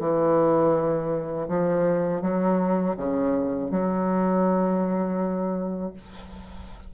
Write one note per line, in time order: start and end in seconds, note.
0.00 1.48 E3
1.48 2.22 F3
2.22 2.96 F#3
2.97 3.71 C#3
3.71 5.94 F#3